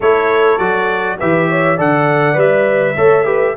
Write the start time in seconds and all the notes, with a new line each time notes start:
0.00 A3 E4 A4 C#5
0.57 F#3 F#4 D5
1.19 E3 G4 B4 E5
1.48 C#5
1.76 D3 A4 D5 F#5
2.34 G3 B4 E5
2.95 A3 A4 C#5
3.24 G4 B4